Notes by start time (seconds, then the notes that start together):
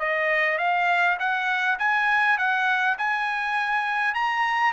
0.00 D#5
0.59 F5
1.20 F#5
1.80 G#5
2.38 F#5
2.99 G#5
4.15 A#5